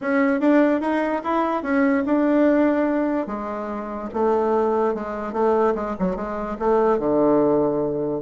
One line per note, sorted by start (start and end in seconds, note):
0.01 0.40 C#4
0.40 0.80 D4
0.80 1.21 D#4
1.23 1.62 E4
1.62 2.03 C#4
2.05 3.26 D4
3.26 4.09 G#3
4.13 4.94 A3
4.94 5.33 G#3
5.33 5.74 A3
5.75 5.95 G#3
5.99 6.16 F#3
6.16 6.57 G#3
6.59 6.98 A3
6.98 8.22 D3